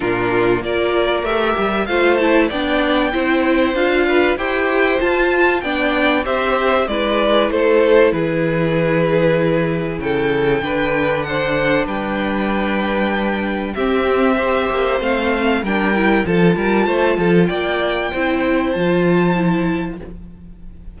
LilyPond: <<
  \new Staff \with { instrumentName = "violin" } { \time 4/4 \tempo 4 = 96 ais'4 d''4 e''4 f''8 a''8 | g''2 f''4 g''4 | a''4 g''4 e''4 d''4 | c''4 b'2. |
g''2 fis''4 g''4~ | g''2 e''2 | f''4 g''4 a''2 | g''2 a''2 | }
  \new Staff \with { instrumentName = "violin" } { \time 4/4 f'4 ais'2 c''4 | d''4 c''4. b'8 c''4~ | c''4 d''4 c''4 b'4 | a'4 gis'2. |
a'4 b'4 c''4 b'4~ | b'2 g'4 c''4~ | c''4 ais'4 a'8 ais'8 c''8 a'8 | d''4 c''2. | }
  \new Staff \with { instrumentName = "viola" } { \time 4/4 d'4 f'4 g'4 f'8 e'8 | d'4 e'4 f'4 g'4 | f'4 d'4 g'4 e'4~ | e'1~ |
e'4 d'2.~ | d'2 c'4 g'4 | c'4 d'8 e'8 f'2~ | f'4 e'4 f'4 e'4 | }
  \new Staff \with { instrumentName = "cello" } { \time 4/4 ais,4 ais4 a8 g8 a4 | b4 c'4 d'4 e'4 | f'4 b4 c'4 gis4 | a4 e2. |
cis4 d2 g4~ | g2 c'4. ais8 | a4 g4 f8 g8 a8 f8 | ais4 c'4 f2 | }
>>